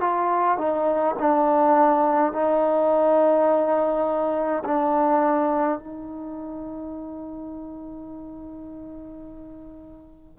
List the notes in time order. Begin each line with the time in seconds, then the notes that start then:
0.00 F4
0.57 D#4
1.19 D4
2.32 D#4
4.64 D4
5.78 D#4